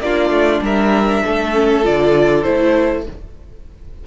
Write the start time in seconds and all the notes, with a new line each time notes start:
0.00 A#3 D4 F4 D5
0.30 A3
0.61 G3 A#4 E5
1.23 A3 A4
1.54 C#4
1.83 D3 F4 D5
2.43 A3 E4 C5